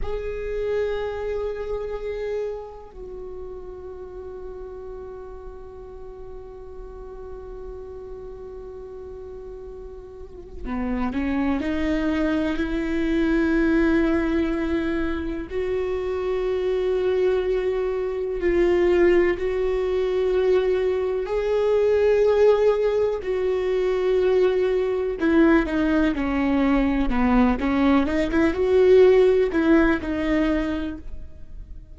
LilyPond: \new Staff \with { instrumentName = "viola" } { \time 4/4 \tempo 4 = 62 gis'2. fis'4~ | fis'1~ | fis'2. b8 cis'8 | dis'4 e'2. |
fis'2. f'4 | fis'2 gis'2 | fis'2 e'8 dis'8 cis'4 | b8 cis'8 dis'16 e'16 fis'4 e'8 dis'4 | }